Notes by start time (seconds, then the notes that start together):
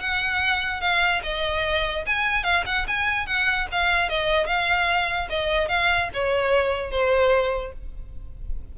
0.00 F#5
0.81 F5
1.23 D#5
2.06 G#5
2.43 F5
2.66 F#5
2.87 G#5
3.26 F#5
3.71 F5
4.09 D#5
4.46 F5
5.29 D#5
5.68 F5
6.14 C#5
6.91 C5